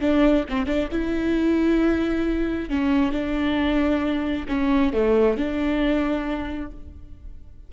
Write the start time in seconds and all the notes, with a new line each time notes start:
0.00 D4
0.49 C4
0.66 D4
0.91 E4
2.69 C#4
3.12 D4
4.48 C#4
4.93 A3
5.37 D4